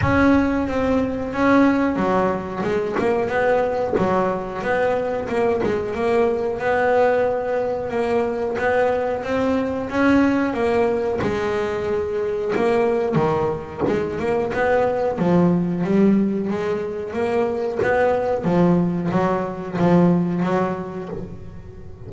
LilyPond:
\new Staff \with { instrumentName = "double bass" } { \time 4/4 \tempo 4 = 91 cis'4 c'4 cis'4 fis4 | gis8 ais8 b4 fis4 b4 | ais8 gis8 ais4 b2 | ais4 b4 c'4 cis'4 |
ais4 gis2 ais4 | dis4 gis8 ais8 b4 f4 | g4 gis4 ais4 b4 | f4 fis4 f4 fis4 | }